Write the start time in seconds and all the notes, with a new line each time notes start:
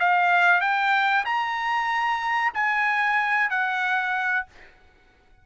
0.00 F5
0.61 G5
1.26 A#5
2.54 G#5
3.50 F#5